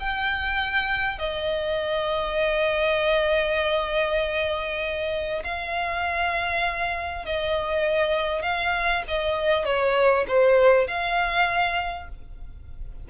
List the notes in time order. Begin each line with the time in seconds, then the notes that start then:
0.00 G5
1.19 D#5
5.44 F5
7.26 D#5
8.42 F5
9.08 D#5
9.65 C#5
10.28 C5
10.88 F5